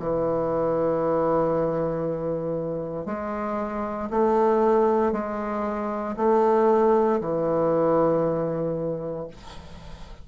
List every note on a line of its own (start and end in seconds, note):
0.00 3.06 E3
3.06 4.10 G#3
4.11 5.13 A3
5.13 6.16 G#3
6.17 7.21 A3
7.21 9.28 E3